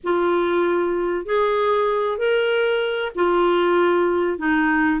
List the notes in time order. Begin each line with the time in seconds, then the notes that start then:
0.03 F4
1.25 G#4
2.18 A#4
3.15 F4
4.38 D#4